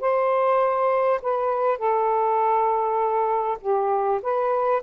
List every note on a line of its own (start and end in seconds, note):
0.00 1.20 C5
1.22 1.78 B4
1.78 3.58 A4
3.60 4.20 G4
4.22 4.82 B4